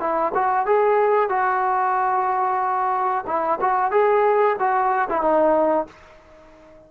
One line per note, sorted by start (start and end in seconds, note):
0.00 0.33 E4
0.34 0.66 F#4
0.66 1.29 G#4
1.29 3.25 F#4
3.26 3.59 E4
3.61 3.91 F#4
3.91 4.56 G#4
4.59 5.08 F#4
5.09 5.22 E4
5.22 5.87 D#4